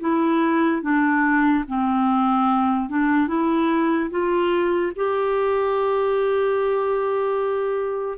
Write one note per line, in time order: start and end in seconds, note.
0.00 0.82 E4
0.82 1.64 D4
1.68 2.89 C4
2.89 3.28 D4
3.28 4.10 E4
4.10 4.92 F4
4.95 8.18 G4